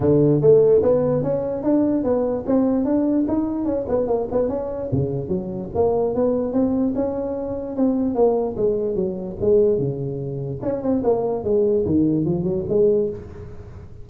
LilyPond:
\new Staff \with { instrumentName = "tuba" } { \time 4/4 \tempo 4 = 147 d4 a4 b4 cis'4 | d'4 b4 c'4 d'4 | dis'4 cis'8 b8 ais8 b8 cis'4 | cis4 fis4 ais4 b4 |
c'4 cis'2 c'4 | ais4 gis4 fis4 gis4 | cis2 cis'8 c'8 ais4 | gis4 dis4 f8 fis8 gis4 | }